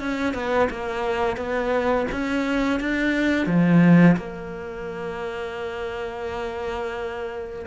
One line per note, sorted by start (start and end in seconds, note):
0.00 0.34 C#4
0.34 0.69 B3
0.70 1.37 A#3
1.37 2.07 B3
2.12 2.80 C#4
2.80 3.47 D4
3.47 4.16 F3
4.17 7.66 A#3